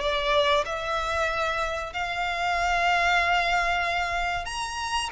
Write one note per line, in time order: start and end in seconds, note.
0.00 0.64 D5
0.65 1.93 E5
1.93 4.45 F5
4.45 5.09 A#5